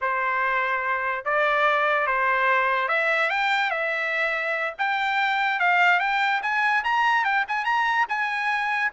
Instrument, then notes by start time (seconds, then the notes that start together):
trumpet
0.01 C5
1.24 D5
2.06 C5
2.88 E5
3.30 G5
3.70 E5
4.78 G5
5.59 F5
5.99 G5
6.42 G#5
6.84 A#5
7.24 G5
7.47 G#5
7.64 A#5
8.08 G#5